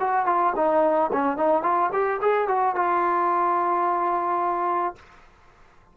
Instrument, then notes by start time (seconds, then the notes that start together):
trombone
0.00 F#4
0.26 F4
0.56 D#4
1.13 C#4
1.37 D#4
1.63 F4
1.93 G4
2.22 G#4
2.48 F#4
2.75 F4